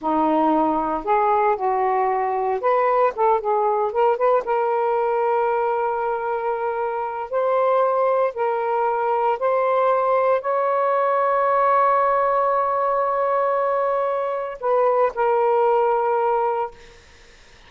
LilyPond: \new Staff \with { instrumentName = "saxophone" } { \time 4/4 \tempo 4 = 115 dis'2 gis'4 fis'4~ | fis'4 b'4 a'8 gis'4 ais'8 | b'8 ais'2.~ ais'8~ | ais'2 c''2 |
ais'2 c''2 | cis''1~ | cis''1 | b'4 ais'2. | }